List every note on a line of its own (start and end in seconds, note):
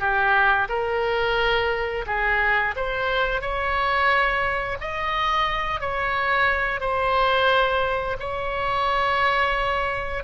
0.00 0.68 G4
0.69 2.05 A#4
2.07 2.75 G#4
2.76 3.42 C5
3.42 4.78 C#5
4.81 5.80 D#5
5.80 6.81 C#5
6.81 8.17 C5
8.20 10.24 C#5